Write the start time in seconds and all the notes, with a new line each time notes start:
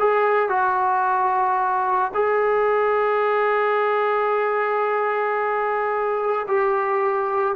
0.00 G#4
0.50 F#4
2.15 G#4
6.48 G4